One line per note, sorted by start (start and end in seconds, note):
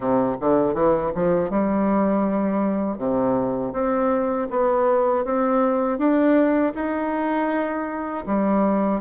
0.00 0.35 C3
0.40 0.74 D3
0.74 1.11 E3
1.14 1.50 F3
1.50 2.98 G3
2.98 3.73 C3
3.73 4.48 C4
4.50 5.25 B3
5.25 5.98 C4
5.98 6.73 D4
6.75 8.25 D#4
8.26 9.00 G3